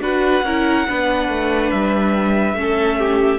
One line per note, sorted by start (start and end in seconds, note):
0.00 0.42 D4
0.00 0.43 F#4
0.00 0.45 B4
0.00 1.71 F#5
0.43 0.85 C#4
0.43 0.87 E4
0.43 0.87 A#4
0.87 1.28 B3
0.87 2.56 D4
0.87 2.57 B4
1.28 1.71 A3
1.71 2.54 G3
1.71 3.39 E5
2.54 3.38 A3
2.54 3.39 C#4
2.54 2.98 A4
2.98 3.39 G4